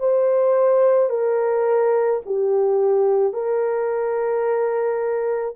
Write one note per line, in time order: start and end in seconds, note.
0.00 1.10 C5
1.10 2.21 A#4
2.26 3.33 G4
3.33 5.56 A#4